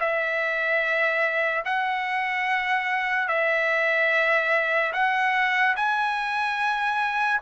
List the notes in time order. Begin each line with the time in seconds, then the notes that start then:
0.00 E5
1.66 F#5
3.28 E5
4.94 F#5
5.77 G#5